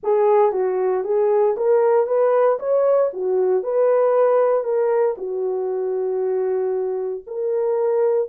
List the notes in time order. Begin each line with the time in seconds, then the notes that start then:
0.03 G#4
0.52 F#4
1.03 G#4
1.57 A#4
2.06 B4
2.59 C#5
3.13 F#4
3.63 B4
4.64 A#4
5.17 F#4
7.26 A#4